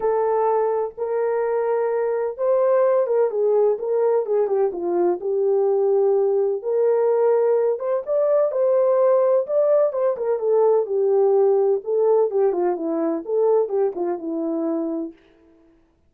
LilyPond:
\new Staff \with { instrumentName = "horn" } { \time 4/4 \tempo 4 = 127 a'2 ais'2~ | ais'4 c''4. ais'8 gis'4 | ais'4 gis'8 g'8 f'4 g'4~ | g'2 ais'2~ |
ais'8 c''8 d''4 c''2 | d''4 c''8 ais'8 a'4 g'4~ | g'4 a'4 g'8 f'8 e'4 | a'4 g'8 f'8 e'2 | }